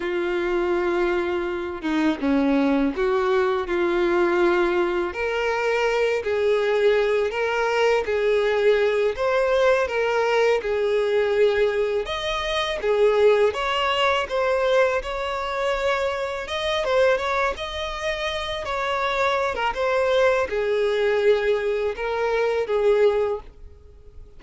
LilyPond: \new Staff \with { instrumentName = "violin" } { \time 4/4 \tempo 4 = 82 f'2~ f'8 dis'8 cis'4 | fis'4 f'2 ais'4~ | ais'8 gis'4. ais'4 gis'4~ | gis'8 c''4 ais'4 gis'4.~ |
gis'8 dis''4 gis'4 cis''4 c''8~ | c''8 cis''2 dis''8 c''8 cis''8 | dis''4. cis''4~ cis''16 ais'16 c''4 | gis'2 ais'4 gis'4 | }